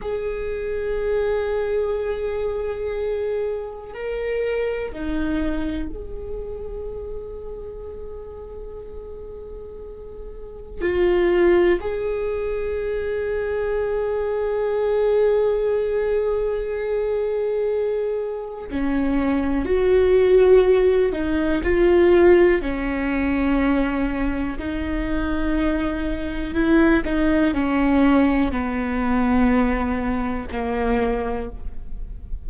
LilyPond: \new Staff \with { instrumentName = "viola" } { \time 4/4 \tempo 4 = 61 gis'1 | ais'4 dis'4 gis'2~ | gis'2. f'4 | gis'1~ |
gis'2. cis'4 | fis'4. dis'8 f'4 cis'4~ | cis'4 dis'2 e'8 dis'8 | cis'4 b2 ais4 | }